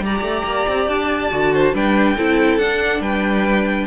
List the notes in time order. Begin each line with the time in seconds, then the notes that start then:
0.00 G3 G4 A#5
0.06 D5
0.22 A3
0.44 A#3
0.68 C4
0.88 D4 A5
1.32 D3 F#4
1.53 C5
1.74 G3 D4 B4 G5
2.17 C4 E4 A4
2.58 D4 F#5
3.00 G3 B4 G5